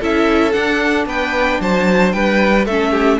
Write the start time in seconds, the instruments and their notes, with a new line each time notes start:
0.00 cello C#4, viola E4, violin A4 E5
0.52 viola D4, cello D4, violin F#5
1.06 cello B3, violin B4 G5
1.61 cello F#3, violin C5 A5
2.12 cello G3, violin B4 G5
2.66 cello A3, viola C#4, violin A4 E5
2.91 violin G4